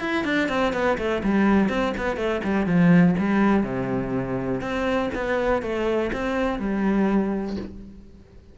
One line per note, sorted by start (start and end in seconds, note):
0.00 0.24 E4
0.24 0.49 D4
0.49 0.73 C4
0.73 0.97 B3
0.98 1.22 A3
1.23 1.69 G3
1.69 1.93 C4
1.97 2.16 B3
2.16 2.41 A3
2.44 2.66 G3
2.66 3.15 F3
3.18 3.63 G3
3.63 4.61 C3
4.61 5.10 C4
5.14 5.62 B3
5.62 6.11 A3
6.12 6.59 C4
6.59 7.56 G3